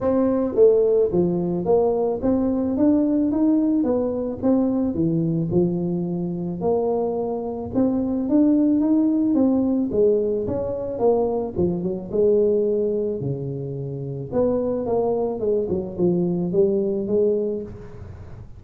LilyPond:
\new Staff \with { instrumentName = "tuba" } { \time 4/4 \tempo 4 = 109 c'4 a4 f4 ais4 | c'4 d'4 dis'4 b4 | c'4 e4 f2 | ais2 c'4 d'4 |
dis'4 c'4 gis4 cis'4 | ais4 f8 fis8 gis2 | cis2 b4 ais4 | gis8 fis8 f4 g4 gis4 | }